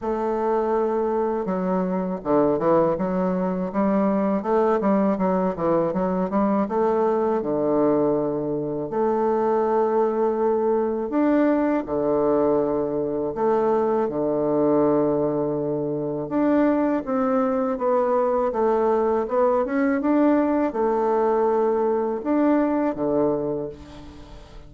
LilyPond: \new Staff \with { instrumentName = "bassoon" } { \time 4/4 \tempo 4 = 81 a2 fis4 d8 e8 | fis4 g4 a8 g8 fis8 e8 | fis8 g8 a4 d2 | a2. d'4 |
d2 a4 d4~ | d2 d'4 c'4 | b4 a4 b8 cis'8 d'4 | a2 d'4 d4 | }